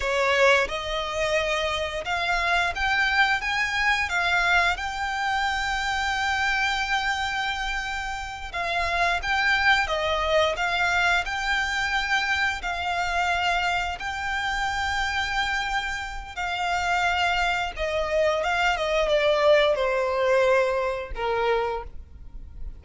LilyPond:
\new Staff \with { instrumentName = "violin" } { \time 4/4 \tempo 4 = 88 cis''4 dis''2 f''4 | g''4 gis''4 f''4 g''4~ | g''1~ | g''8 f''4 g''4 dis''4 f''8~ |
f''8 g''2 f''4.~ | f''8 g''2.~ g''8 | f''2 dis''4 f''8 dis''8 | d''4 c''2 ais'4 | }